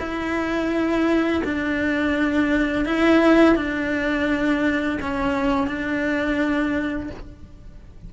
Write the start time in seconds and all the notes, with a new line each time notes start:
0.00 E4
1.45 D4
2.86 E4
3.56 D4
5.02 C#4
5.68 D4